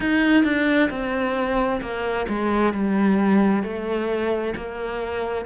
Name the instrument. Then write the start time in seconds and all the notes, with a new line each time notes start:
cello
0.00 D#4
0.44 D4
0.90 C4
1.81 A#3
2.29 G#3
2.73 G3
3.63 A3
4.56 A#3